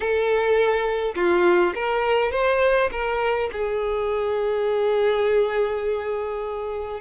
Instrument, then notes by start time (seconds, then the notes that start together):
violin
0.00 A4
1.15 F4
1.74 A#4
2.31 C5
2.91 A#4
3.52 G#4